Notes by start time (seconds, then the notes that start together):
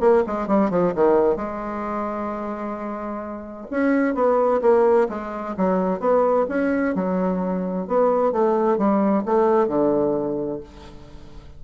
0.00 A#3
0.26 G#3
0.47 G3
0.70 F3
0.95 D#3
1.36 G#3
3.70 C#4
4.15 B3
4.61 A#3
5.09 G#3
5.57 F#3
6.00 B3
6.48 C#4
6.95 F#3
7.87 B3
8.32 A3
8.78 G3
9.25 A3
9.68 D3